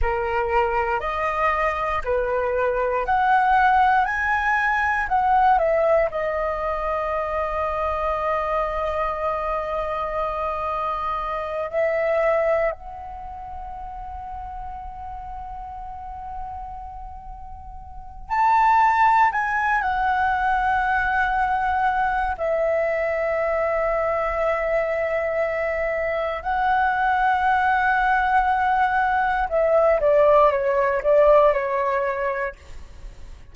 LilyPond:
\new Staff \with { instrumentName = "flute" } { \time 4/4 \tempo 4 = 59 ais'4 dis''4 b'4 fis''4 | gis''4 fis''8 e''8 dis''2~ | dis''2.~ dis''8 e''8~ | e''8 fis''2.~ fis''8~ |
fis''2 a''4 gis''8 fis''8~ | fis''2 e''2~ | e''2 fis''2~ | fis''4 e''8 d''8 cis''8 d''8 cis''4 | }